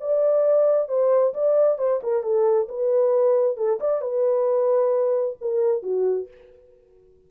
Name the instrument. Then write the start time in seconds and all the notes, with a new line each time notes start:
horn
0.00 D5
0.88 C5
1.33 D5
1.78 C5
2.03 A#4
2.22 A4
2.68 B4
3.57 A4
3.80 D5
4.01 B4
5.41 A#4
5.82 F#4